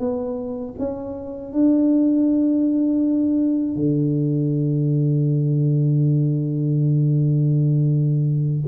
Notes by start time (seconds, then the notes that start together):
0.00 B3
0.79 C#4
1.53 D4
3.76 D3